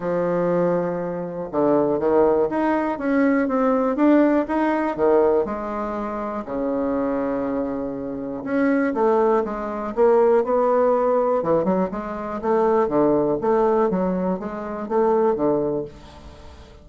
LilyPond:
\new Staff \with { instrumentName = "bassoon" } { \time 4/4 \tempo 4 = 121 f2. d4 | dis4 dis'4 cis'4 c'4 | d'4 dis'4 dis4 gis4~ | gis4 cis2.~ |
cis4 cis'4 a4 gis4 | ais4 b2 e8 fis8 | gis4 a4 d4 a4 | fis4 gis4 a4 d4 | }